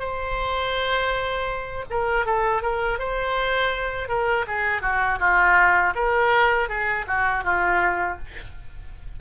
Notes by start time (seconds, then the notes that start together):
0.00 C5
1.90 A#4
2.26 A4
2.62 A#4
2.99 C5
4.09 A#4
4.47 G#4
4.82 F#4
5.20 F4
5.95 A#4
6.69 G#4
7.07 F#4
7.44 F4